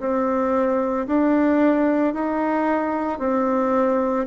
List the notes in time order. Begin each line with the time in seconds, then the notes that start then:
0.00 C4
1.08 D4
2.14 D#4
3.19 C4